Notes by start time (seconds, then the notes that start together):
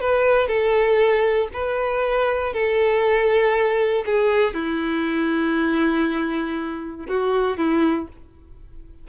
0.00 B4
0.47 A4
1.53 B4
2.53 A4
4.05 G#4
4.54 E4
7.07 F#4
7.57 E4